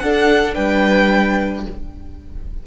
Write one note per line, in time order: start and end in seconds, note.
0.00 0.57 D4
0.00 1.67 D4
0.00 0.55 A4
0.00 0.55 F#5
0.55 1.66 G3
0.55 1.64 B4
0.55 1.64 G5